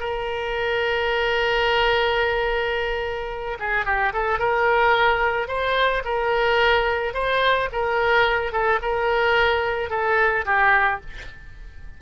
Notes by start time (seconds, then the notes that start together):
0.00 A#4
3.59 G#4
3.85 G4
4.13 A4
4.39 A#4
5.48 C5
6.05 A#4
7.14 C5
7.72 A#4
8.52 A4
8.82 A#4
9.90 A4
10.45 G4